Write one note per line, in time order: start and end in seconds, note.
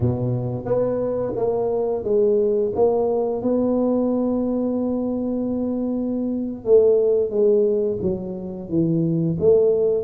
0.00 0.65 B2
0.65 1.33 B3
1.36 2.04 A#3
2.04 2.72 G#3
2.75 3.42 A#3
3.42 6.64 B3
6.64 7.30 A3
7.30 7.98 G#3
8.01 8.69 F#3
8.69 9.37 E3
9.39 10.03 A3